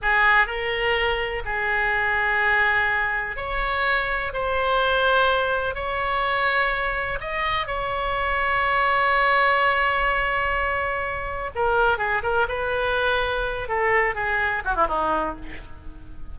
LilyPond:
\new Staff \with { instrumentName = "oboe" } { \time 4/4 \tempo 4 = 125 gis'4 ais'2 gis'4~ | gis'2. cis''4~ | cis''4 c''2. | cis''2. dis''4 |
cis''1~ | cis''1 | ais'4 gis'8 ais'8 b'2~ | b'8 a'4 gis'4 fis'16 e'16 dis'4 | }